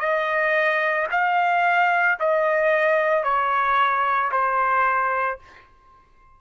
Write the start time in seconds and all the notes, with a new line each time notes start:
0.00 D#5
1.12 F5
2.20 D#5
3.24 C#5
4.32 C5